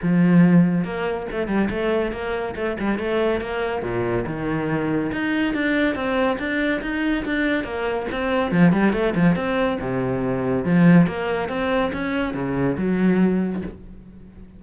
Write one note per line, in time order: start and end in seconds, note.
0.02 0.84 F3
0.84 1.27 A#3
1.31 1.47 A3
1.47 1.68 G3
1.70 2.12 A3
2.12 2.54 A#3
2.55 2.76 A3
2.80 2.98 G3
2.98 3.40 A3
3.40 3.82 A#3
3.82 4.25 A#2
4.26 5.11 D#3
5.12 5.53 D#4
5.53 5.95 D4
5.95 6.37 C4
6.38 6.81 D4
6.81 7.24 D#4
7.25 7.63 D4
7.63 8.06 A#3
8.11 8.51 C4
8.51 8.72 F3
8.72 8.92 G3
8.92 9.14 A3
9.15 9.35 F3
9.35 9.78 C4
9.80 10.64 C3
10.64 11.07 F3
11.07 11.49 A#3
11.49 11.91 C4
11.92 12.33 C#4
12.33 12.76 C#3
12.77 13.62 F#3